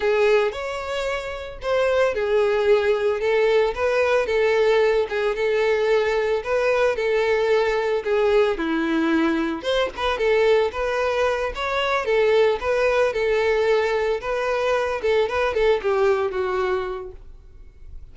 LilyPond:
\new Staff \with { instrumentName = "violin" } { \time 4/4 \tempo 4 = 112 gis'4 cis''2 c''4 | gis'2 a'4 b'4 | a'4. gis'8 a'2 | b'4 a'2 gis'4 |
e'2 c''8 b'8 a'4 | b'4. cis''4 a'4 b'8~ | b'8 a'2 b'4. | a'8 b'8 a'8 g'4 fis'4. | }